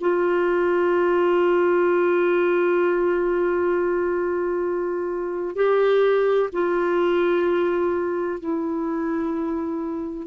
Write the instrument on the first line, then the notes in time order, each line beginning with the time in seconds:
clarinet
0.00 F4
5.56 G4
6.52 F4
8.40 E4